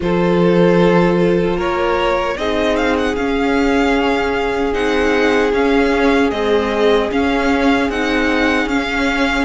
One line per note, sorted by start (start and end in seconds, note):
0.00 1.56 F3
0.00 2.35 F4
0.00 1.56 A4
0.00 1.59 C5
1.56 2.35 A#3
1.56 2.35 A#4
1.56 2.37 C#5
2.37 3.16 C4
2.37 3.17 D#4
2.37 9.45 G#4
2.37 2.76 D#5
2.76 2.96 F5
2.97 3.15 F#5
3.15 4.73 C#4
3.15 4.74 C#4
3.15 4.73 F5
4.73 5.52 C4
4.73 5.52 D#4
4.73 5.52 F#5
5.52 6.31 C#4
5.52 6.30 C#4
5.52 6.30 F5
6.30 7.09 G#3
6.30 7.11 C4
6.30 7.09 D#5
7.11 7.89 C#4
7.11 7.90 C#4
7.11 7.90 F5
7.89 8.65 C4
7.89 8.69 D#4
7.89 8.68 F#5
8.65 9.44 C#4
8.65 9.45 C#4
8.65 9.45 F5